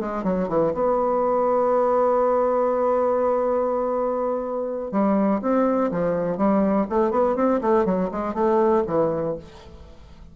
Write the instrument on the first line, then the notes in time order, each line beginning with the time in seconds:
bassoon
0.00 G#3
0.24 F#3
0.49 E3
0.74 B3
4.92 G3
5.42 C4
5.91 F3
6.37 G3
6.90 A3
7.11 B3
7.36 C4
7.61 A3
7.85 F#3
8.11 G#3
8.34 A3
8.87 E3